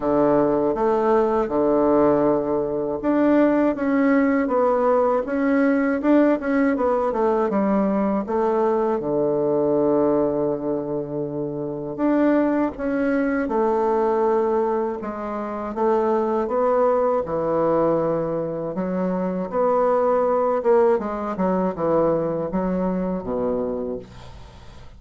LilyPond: \new Staff \with { instrumentName = "bassoon" } { \time 4/4 \tempo 4 = 80 d4 a4 d2 | d'4 cis'4 b4 cis'4 | d'8 cis'8 b8 a8 g4 a4 | d1 |
d'4 cis'4 a2 | gis4 a4 b4 e4~ | e4 fis4 b4. ais8 | gis8 fis8 e4 fis4 b,4 | }